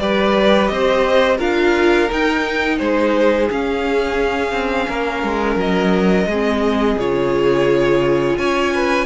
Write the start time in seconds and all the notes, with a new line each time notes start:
0.00 G3 G4 B4 D5
0.68 C4 C5 D#5
1.38 D4 F4 A#4 F5
2.09 D#4 G5
2.79 G#3 G#4 C5
3.52 C#4 F5
4.52 C4
4.89 A#3 A#4
5.24 G#3
5.57 F#3 D#5
6.27 G#3 C4 G#4
6.98 C#3 F4 C#5
8.38 C#4 C#5 G#5
8.75 B4